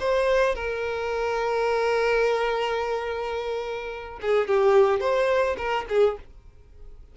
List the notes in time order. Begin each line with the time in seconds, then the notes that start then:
0.00 C5
0.55 A#4
4.22 G#4
4.48 G4
5.01 C5
5.57 A#4
5.89 G#4